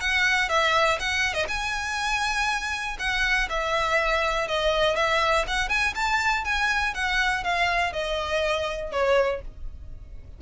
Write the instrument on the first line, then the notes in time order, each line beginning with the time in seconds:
violin
0.00 F#5
0.49 E5
0.99 F#5
1.33 D#5
1.48 G#5
2.99 F#5
3.49 E5
4.48 D#5
4.95 E5
5.47 F#5
5.69 G#5
5.95 A5
6.44 G#5
6.94 F#5
7.44 F5
7.92 D#5
8.91 C#5